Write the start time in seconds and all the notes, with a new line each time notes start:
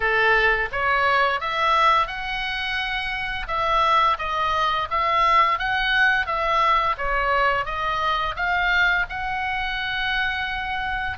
0.00 A4
0.72 C#5
1.40 E5
2.07 F#5
3.47 E5
4.18 D#5
4.90 E5
5.58 F#5
6.26 E5
6.97 C#5
7.65 D#5
8.36 F5
9.09 F#5